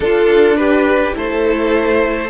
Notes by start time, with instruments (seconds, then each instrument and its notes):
0.00 viola D4, cello D4, violin F4 A4
0.56 violin G4 B4
1.12 cello A3, viola E4, violin A4 C5